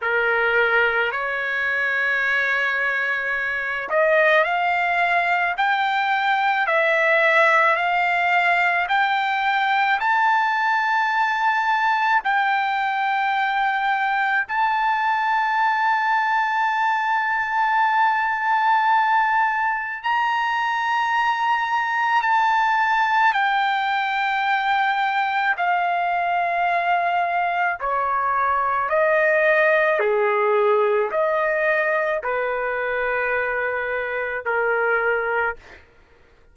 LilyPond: \new Staff \with { instrumentName = "trumpet" } { \time 4/4 \tempo 4 = 54 ais'4 cis''2~ cis''8 dis''8 | f''4 g''4 e''4 f''4 | g''4 a''2 g''4~ | g''4 a''2.~ |
a''2 ais''2 | a''4 g''2 f''4~ | f''4 cis''4 dis''4 gis'4 | dis''4 b'2 ais'4 | }